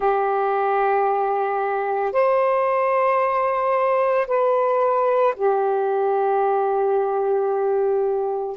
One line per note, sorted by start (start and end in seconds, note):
0.00 2.12 G4
2.12 4.26 C5
4.27 5.34 B4
5.36 8.56 G4